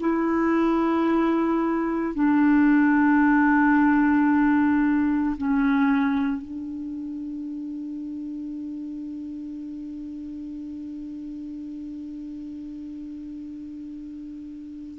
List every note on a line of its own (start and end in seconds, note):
0.00 2.14 E4
2.15 5.36 D4
5.38 6.42 C#4
6.42 14.99 D4